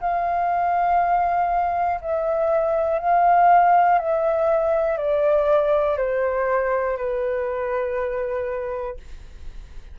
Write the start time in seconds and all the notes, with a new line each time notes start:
0.00 F5
2.01 E5
2.99 F5
3.99 E5
4.98 D5
5.98 C5
6.97 B4